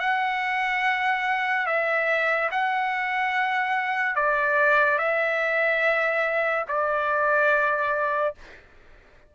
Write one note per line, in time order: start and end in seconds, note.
0.00 1.67 F#5
1.67 2.50 E5
2.52 4.16 F#5
4.16 4.99 D5
4.99 6.66 E5
6.69 8.35 D5